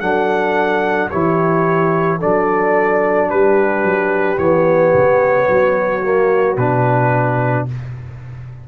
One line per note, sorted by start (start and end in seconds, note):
0.00 1.10 F#3
0.00 1.10 D4
0.00 1.10 A4
0.00 1.09 F#5
1.10 2.23 E3
1.10 2.20 E4
1.10 2.19 G4
1.10 2.19 C#5
2.19 3.32 F#3
2.19 4.37 D4
2.19 3.28 A4
2.19 3.30 D5
3.30 3.83 G3
3.30 5.48 G4
3.30 4.38 B4
3.83 4.38 F#3
4.37 4.93 E3
4.37 6.01 B3
4.37 6.56 C#5
4.94 5.48 C#3
5.48 6.57 F#3
5.48 7.66 F#4
6.02 6.57 A#3
6.57 7.66 B2
6.57 7.68 D4
6.57 7.66 B4